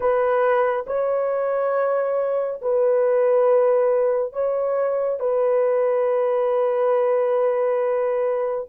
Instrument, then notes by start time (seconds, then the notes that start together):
horn
0.00 B4
0.87 C#5
2.61 B4
4.32 C#5
5.19 B4